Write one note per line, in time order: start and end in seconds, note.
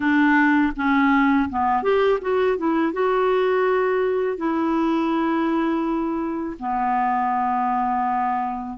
0.00 0.73 D4
0.75 1.49 C#4
1.49 1.82 B3
1.82 2.19 G4
2.21 2.57 F#4
2.57 2.93 E4
2.93 4.37 F#4
4.37 6.57 E4
6.59 8.77 B3